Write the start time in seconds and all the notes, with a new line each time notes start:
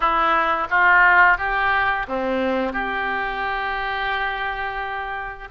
0.00 E4
0.70 F4
1.37 G4
2.07 C4
2.72 G4